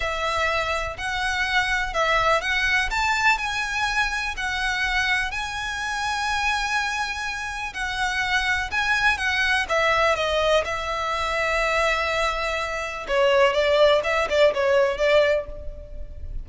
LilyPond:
\new Staff \with { instrumentName = "violin" } { \time 4/4 \tempo 4 = 124 e''2 fis''2 | e''4 fis''4 a''4 gis''4~ | gis''4 fis''2 gis''4~ | gis''1 |
fis''2 gis''4 fis''4 | e''4 dis''4 e''2~ | e''2. cis''4 | d''4 e''8 d''8 cis''4 d''4 | }